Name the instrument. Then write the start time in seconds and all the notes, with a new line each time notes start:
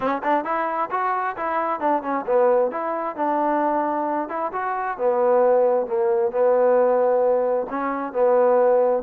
trombone
0.00 C#4
0.23 D4
0.44 E4
0.90 F#4
1.36 E4
1.80 D4
2.02 C#4
2.26 B3
2.71 E4
3.16 D4
4.29 E4
4.52 F#4
4.97 B3
5.86 A#3
6.31 B3
7.69 C#4
8.12 B3